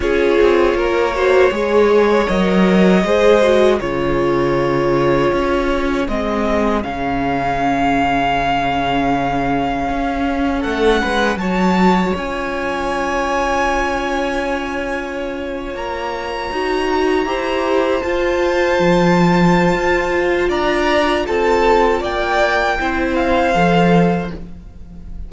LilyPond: <<
  \new Staff \with { instrumentName = "violin" } { \time 4/4 \tempo 4 = 79 cis''2. dis''4~ | dis''4 cis''2. | dis''4 f''2.~ | f''2 fis''4 a''4 |
gis''1~ | gis''8. ais''2. a''16~ | a''2. ais''4 | a''4 g''4. f''4. | }
  \new Staff \with { instrumentName = "violin" } { \time 4/4 gis'4 ais'8 c''8 cis''2 | c''4 gis'2.~ | gis'1~ | gis'2 a'8 b'8 cis''4~ |
cis''1~ | cis''2~ cis''8. c''4~ c''16~ | c''2. d''4 | a'4 d''4 c''2 | }
  \new Staff \with { instrumentName = "viola" } { \time 4/4 f'4. fis'8 gis'4 ais'4 | gis'8 fis'8 f'2. | c'4 cis'2.~ | cis'2. fis'4 |
f'1~ | f'4.~ f'16 fis'4 g'4 f'16~ | f'1~ | f'2 e'4 a'4 | }
  \new Staff \with { instrumentName = "cello" } { \time 4/4 cis'8 c'8 ais4 gis4 fis4 | gis4 cis2 cis'4 | gis4 cis2.~ | cis4 cis'4 a8 gis8 fis4 |
cis'1~ | cis'8. ais4 dis'4 e'4 f'16~ | f'8. f4~ f16 f'4 d'4 | c'4 ais4 c'4 f4 | }
>>